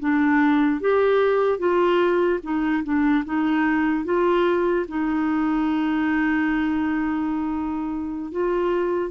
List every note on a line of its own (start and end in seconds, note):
0.00 0.81 D4
0.81 1.59 G4
1.59 2.40 F4
2.43 2.84 D#4
2.84 3.24 D4
3.25 4.05 D#4
4.05 4.86 F4
4.88 8.32 D#4
8.32 9.11 F4